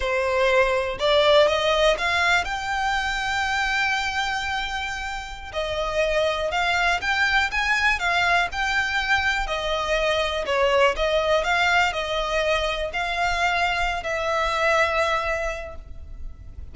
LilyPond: \new Staff \with { instrumentName = "violin" } { \time 4/4 \tempo 4 = 122 c''2 d''4 dis''4 | f''4 g''2.~ | g''2.~ g''16 dis''8.~ | dis''4~ dis''16 f''4 g''4 gis''8.~ |
gis''16 f''4 g''2 dis''8.~ | dis''4~ dis''16 cis''4 dis''4 f''8.~ | f''16 dis''2 f''4.~ f''16~ | f''8 e''2.~ e''8 | }